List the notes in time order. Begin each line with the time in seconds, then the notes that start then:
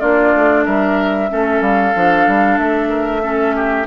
0.00 A#3 D4 F4 D5
0.35 A3
0.65 G3 A#4 E5
1.29 A3 C#4 A4
1.61 G3 F5
1.96 F3 D4
2.28 G3
2.59 A3 E5
2.90 A#4
3.23 C#4 A4
3.56 G4